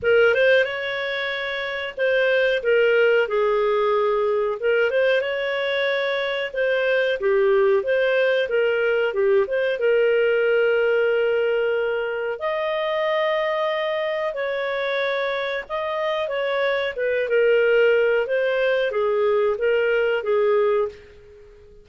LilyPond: \new Staff \with { instrumentName = "clarinet" } { \time 4/4 \tempo 4 = 92 ais'8 c''8 cis''2 c''4 | ais'4 gis'2 ais'8 c''8 | cis''2 c''4 g'4 | c''4 ais'4 g'8 c''8 ais'4~ |
ais'2. dis''4~ | dis''2 cis''2 | dis''4 cis''4 b'8 ais'4. | c''4 gis'4 ais'4 gis'4 | }